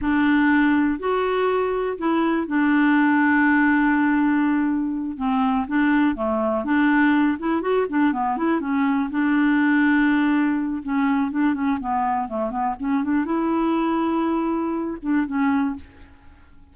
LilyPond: \new Staff \with { instrumentName = "clarinet" } { \time 4/4 \tempo 4 = 122 d'2 fis'2 | e'4 d'2.~ | d'2~ d'8 c'4 d'8~ | d'8 a4 d'4. e'8 fis'8 |
d'8 b8 e'8 cis'4 d'4.~ | d'2 cis'4 d'8 cis'8 | b4 a8 b8 cis'8 d'8 e'4~ | e'2~ e'8 d'8 cis'4 | }